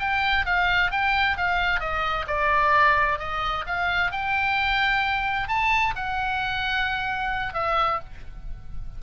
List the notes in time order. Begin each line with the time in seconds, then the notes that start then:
0.00 G5
0.46 F5
0.92 G5
1.37 F5
1.80 D#5
2.28 D5
3.19 D#5
3.67 F5
4.12 G5
5.48 A5
5.96 F#5
7.54 E5